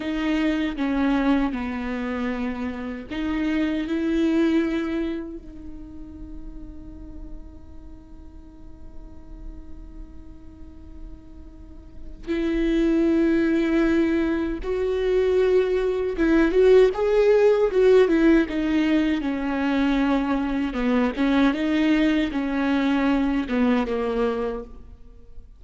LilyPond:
\new Staff \with { instrumentName = "viola" } { \time 4/4 \tempo 4 = 78 dis'4 cis'4 b2 | dis'4 e'2 dis'4~ | dis'1~ | dis'1 |
e'2. fis'4~ | fis'4 e'8 fis'8 gis'4 fis'8 e'8 | dis'4 cis'2 b8 cis'8 | dis'4 cis'4. b8 ais4 | }